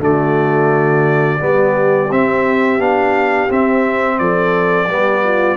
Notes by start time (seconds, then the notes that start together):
0.00 D3 A3 F#4 D5
1.40 G3 B3 G4
2.11 C4 E5
2.79 B3 D4 F5
3.50 C4 E5
4.19 F3 A4 D5
4.88 G3 B3 G4
5.24 F4